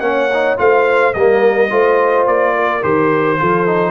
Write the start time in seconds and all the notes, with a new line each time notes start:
0.00 A#3 C#4 C#5 F#5
0.33 D#4
0.57 A3 F4 C5 F5
1.14 G3 A#3 A#4 D#5
1.70 A3 F4 C5
2.26 A#3 D5
2.55 A#4
2.82 D#3 G4 C5
3.39 F3 F4 A4
3.66 D#4